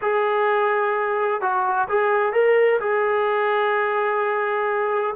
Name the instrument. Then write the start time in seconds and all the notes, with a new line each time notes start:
trombone
0.01 G#4
1.41 F#4
1.88 G#4
2.32 A#4
2.80 G#4